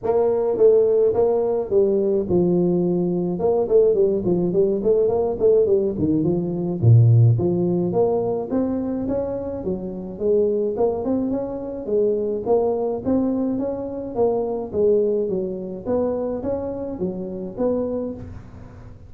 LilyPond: \new Staff \with { instrumentName = "tuba" } { \time 4/4 \tempo 4 = 106 ais4 a4 ais4 g4 | f2 ais8 a8 g8 f8 | g8 a8 ais8 a8 g8 dis8 f4 | ais,4 f4 ais4 c'4 |
cis'4 fis4 gis4 ais8 c'8 | cis'4 gis4 ais4 c'4 | cis'4 ais4 gis4 fis4 | b4 cis'4 fis4 b4 | }